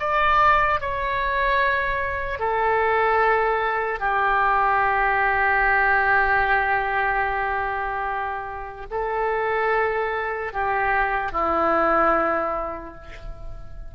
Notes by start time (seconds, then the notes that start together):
0.00 D5
0.81 C#5
2.40 A4
4.00 G4
8.91 A4
10.53 G4
11.33 E4